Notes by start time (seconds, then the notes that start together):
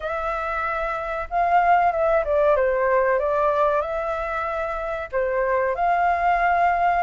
0.00 E5
1.29 F5
1.91 E5
2.24 D5
2.55 C5
3.19 D5
3.81 E5
5.12 C5
5.75 F5